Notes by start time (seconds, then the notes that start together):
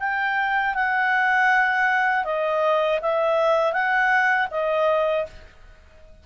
0.00 G5
0.75 F#5
2.25 D#5
3.02 E5
3.73 F#5
4.51 D#5